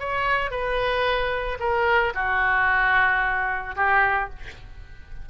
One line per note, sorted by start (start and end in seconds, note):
0.00 0.51 C#5
0.51 1.58 B4
1.60 2.13 A#4
2.15 3.75 F#4
3.76 4.30 G4